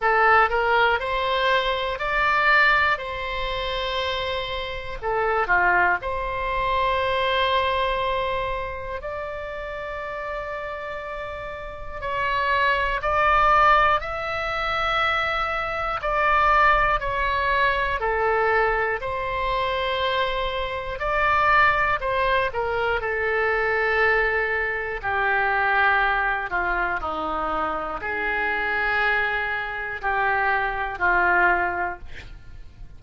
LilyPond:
\new Staff \with { instrumentName = "oboe" } { \time 4/4 \tempo 4 = 60 a'8 ais'8 c''4 d''4 c''4~ | c''4 a'8 f'8 c''2~ | c''4 d''2. | cis''4 d''4 e''2 |
d''4 cis''4 a'4 c''4~ | c''4 d''4 c''8 ais'8 a'4~ | a'4 g'4. f'8 dis'4 | gis'2 g'4 f'4 | }